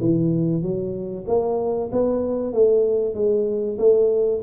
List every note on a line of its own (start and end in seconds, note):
0.00 0.62 E3
0.62 1.25 F#3
1.27 1.90 A#3
1.92 2.53 B3
2.53 3.14 A3
3.14 3.78 G#3
3.78 4.42 A3